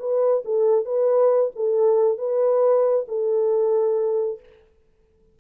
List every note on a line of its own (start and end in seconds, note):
0.00 0.44 B4
0.45 0.86 A4
0.86 1.51 B4
1.56 2.18 A4
2.18 3.06 B4
3.09 4.40 A4